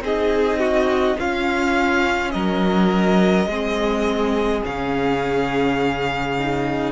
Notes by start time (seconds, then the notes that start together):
0.00 C4 D#4 G#4 D#5
0.59 F#4
1.19 C#4 F4 F5
2.31 F#3 A#4 D#5
3.46 G#3 C4 G#4
4.63 C#3 C#4 F5
6.39 D#4